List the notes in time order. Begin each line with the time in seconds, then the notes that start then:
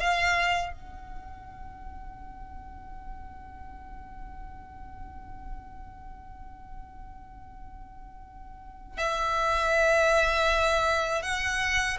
0.00 F5
0.73 F#5
8.98 E5
11.23 F#5